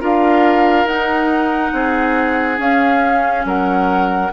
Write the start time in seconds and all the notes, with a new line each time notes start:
0.00 D4 F4 A#4 F5
0.84 D#4 F#5
1.72 C4 G#4
2.57 C#4 F5
3.44 F#3 A#4 F#5